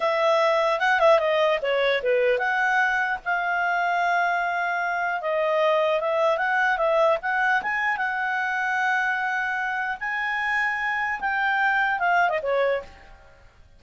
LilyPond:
\new Staff \with { instrumentName = "clarinet" } { \time 4/4 \tempo 4 = 150 e''2 fis''8 e''8 dis''4 | cis''4 b'4 fis''2 | f''1~ | f''4 dis''2 e''4 |
fis''4 e''4 fis''4 gis''4 | fis''1~ | fis''4 gis''2. | g''2 f''8. dis''16 cis''4 | }